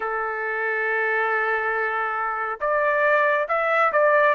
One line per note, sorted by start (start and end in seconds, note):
0.00 2.59 A4
2.60 3.47 D5
3.48 3.91 E5
3.92 4.34 D5